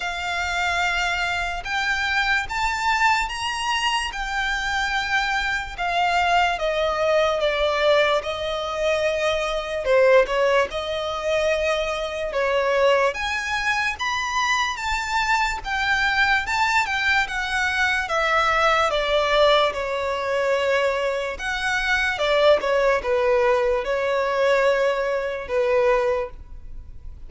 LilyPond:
\new Staff \with { instrumentName = "violin" } { \time 4/4 \tempo 4 = 73 f''2 g''4 a''4 | ais''4 g''2 f''4 | dis''4 d''4 dis''2 | c''8 cis''8 dis''2 cis''4 |
gis''4 b''4 a''4 g''4 | a''8 g''8 fis''4 e''4 d''4 | cis''2 fis''4 d''8 cis''8 | b'4 cis''2 b'4 | }